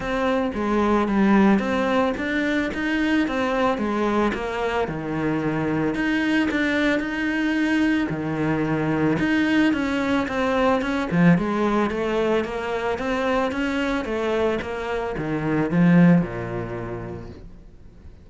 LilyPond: \new Staff \with { instrumentName = "cello" } { \time 4/4 \tempo 4 = 111 c'4 gis4 g4 c'4 | d'4 dis'4 c'4 gis4 | ais4 dis2 dis'4 | d'4 dis'2 dis4~ |
dis4 dis'4 cis'4 c'4 | cis'8 f8 gis4 a4 ais4 | c'4 cis'4 a4 ais4 | dis4 f4 ais,2 | }